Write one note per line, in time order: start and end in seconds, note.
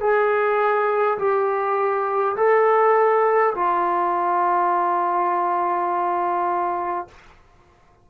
0.00 1.18 G#4
1.18 2.36 G4
2.36 3.53 A4
3.55 7.07 F4